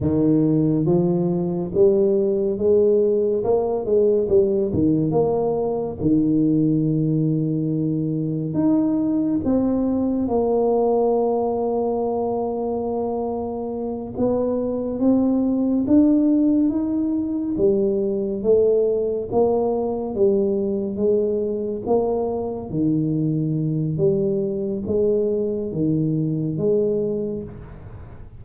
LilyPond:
\new Staff \with { instrumentName = "tuba" } { \time 4/4 \tempo 4 = 70 dis4 f4 g4 gis4 | ais8 gis8 g8 dis8 ais4 dis4~ | dis2 dis'4 c'4 | ais1~ |
ais8 b4 c'4 d'4 dis'8~ | dis'8 g4 a4 ais4 g8~ | g8 gis4 ais4 dis4. | g4 gis4 dis4 gis4 | }